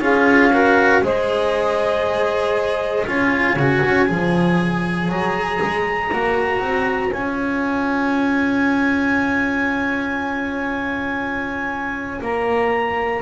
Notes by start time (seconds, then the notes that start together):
0.00 C#4 F4 G#4 F5
0.52 F#4 A#4
1.02 G#3 G#4 C5 D#5
3.07 C#4 F4 C#5 G#5
3.56 C#3 F#4
3.87 C#4
4.07 F3 G#4
5.09 F#3 A#5
5.63 G#3
6.13 A#3 F#4
6.60 C4
7.13 C#4 F4 G#5
12.22 A#3 A#5